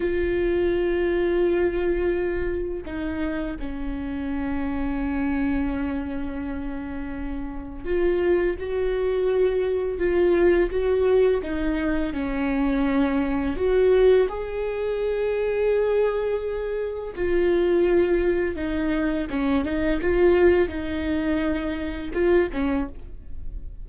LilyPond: \new Staff \with { instrumentName = "viola" } { \time 4/4 \tempo 4 = 84 f'1 | dis'4 cis'2.~ | cis'2. f'4 | fis'2 f'4 fis'4 |
dis'4 cis'2 fis'4 | gis'1 | f'2 dis'4 cis'8 dis'8 | f'4 dis'2 f'8 cis'8 | }